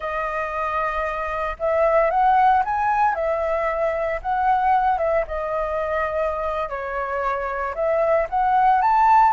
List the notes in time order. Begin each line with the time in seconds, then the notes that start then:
0.00 D#5
1.59 E5
2.10 F#5
2.65 G#5
3.15 E5
4.22 F#5
4.98 E5
5.27 D#5
6.69 C#5
7.74 E5
8.29 F#5
8.81 A5